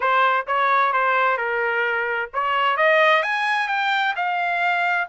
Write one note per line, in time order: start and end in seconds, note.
0.00 0.46 C5
0.46 0.92 C#5
0.92 1.37 C5
1.37 2.29 A#4
2.33 2.76 C#5
2.76 3.22 D#5
3.22 3.68 G#5
3.68 4.14 G5
4.16 5.08 F5